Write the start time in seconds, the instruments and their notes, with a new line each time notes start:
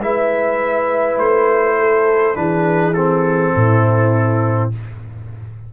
0.00 tuba G#3, trombone E4, horn B4, trumpet E5
1.18 tuba A3, trumpet C5
1.79 horn A4
2.35 tuba E3, trombone D4, horn G#4, trumpet B4
2.94 trombone C4, trumpet A4
3.55 tuba A2, horn E4